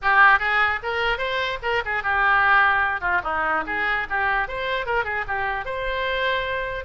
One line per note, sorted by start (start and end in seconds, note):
0.02 0.39 G4
0.39 0.79 G#4
0.82 1.18 A#4
1.18 1.58 C5
1.62 1.82 A#4
1.85 2.03 G#4
2.03 3.00 G4
3.00 3.21 F4
3.23 3.64 D#4
3.66 4.07 G#4
4.09 4.48 G4
4.48 4.86 C5
4.86 5.04 A#4
5.04 5.24 G#4
5.27 5.65 G4
5.65 6.85 C5